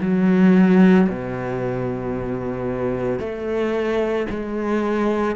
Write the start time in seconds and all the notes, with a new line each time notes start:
0.00 F#3
1.09 B2
3.19 A3
4.30 G#3